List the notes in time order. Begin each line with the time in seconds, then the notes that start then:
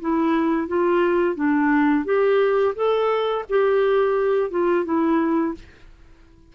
0.00 E4
0.67 F4
1.35 D4
2.05 G4
2.75 A4
3.49 G4
4.50 F4
4.85 E4